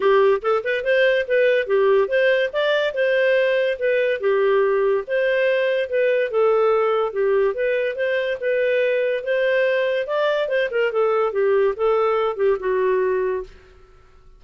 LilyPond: \new Staff \with { instrumentName = "clarinet" } { \time 4/4 \tempo 4 = 143 g'4 a'8 b'8 c''4 b'4 | g'4 c''4 d''4 c''4~ | c''4 b'4 g'2 | c''2 b'4 a'4~ |
a'4 g'4 b'4 c''4 | b'2 c''2 | d''4 c''8 ais'8 a'4 g'4 | a'4. g'8 fis'2 | }